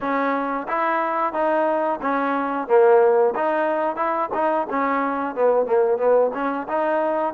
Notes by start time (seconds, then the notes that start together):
0.00 C#4
0.68 E4
1.33 D#4
2.01 C#4
2.67 A#3
3.35 D#4
3.96 E4
4.34 D#4
4.69 C#4
5.35 B3
5.66 A#3
5.97 B3
6.33 C#4
6.68 D#4